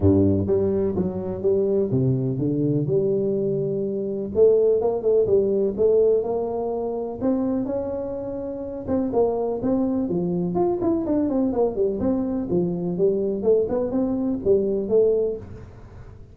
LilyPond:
\new Staff \with { instrumentName = "tuba" } { \time 4/4 \tempo 4 = 125 g,4 g4 fis4 g4 | c4 d4 g2~ | g4 a4 ais8 a8 g4 | a4 ais2 c'4 |
cis'2~ cis'8 c'8 ais4 | c'4 f4 f'8 e'8 d'8 c'8 | ais8 g8 c'4 f4 g4 | a8 b8 c'4 g4 a4 | }